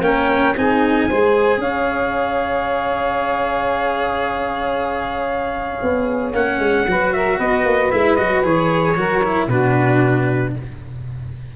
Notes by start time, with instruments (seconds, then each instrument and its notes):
0.00 tuba A#3, cello C#4, saxophone A#4, trumpet G5
0.55 tuba C4, cello D#4, saxophone G#4, trumpet G#5
1.07 tuba G#3, cello G#4, saxophone C5
1.57 tuba C#4, saxophone C#5, trumpet F5
5.82 tuba B3
6.33 tuba A#3, cello C#4, trumpet F#5
6.58 tuba G#3
6.86 tuba F#3, cello F#4, saxophone B4
7.12 saxophone A#4, trumpet E5
7.37 tuba B3, saxophone B4, trumpet D#5
7.64 tuba A#3
7.90 tuba G#3, cello E4, trumpet E5
8.15 tuba F#3, cello F#4, trumpet D#5
8.43 tuba E3, cello G#4, trumpet C#5
8.96 tuba F#3, cello F#4, saxophone A#4
9.23 cello E4
9.47 tuba B2, cello D4, saxophone F#4, trumpet B4